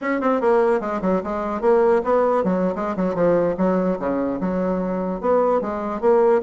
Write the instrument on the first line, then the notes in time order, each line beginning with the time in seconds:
bassoon
0.01 C#4
0.21 C4
0.41 A#3
0.80 G#3
1.01 F#3
1.23 G#3
1.61 A#3
2.03 B3
2.44 F#3
2.75 G#3
2.96 F#3
3.14 F3
3.57 F#3
3.99 C#3
4.40 F#3
5.20 B3
5.61 G#3
6.01 A#3